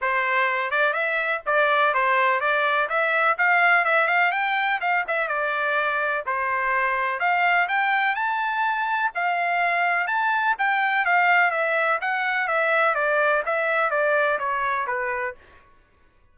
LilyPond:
\new Staff \with { instrumentName = "trumpet" } { \time 4/4 \tempo 4 = 125 c''4. d''8 e''4 d''4 | c''4 d''4 e''4 f''4 | e''8 f''8 g''4 f''8 e''8 d''4~ | d''4 c''2 f''4 |
g''4 a''2 f''4~ | f''4 a''4 g''4 f''4 | e''4 fis''4 e''4 d''4 | e''4 d''4 cis''4 b'4 | }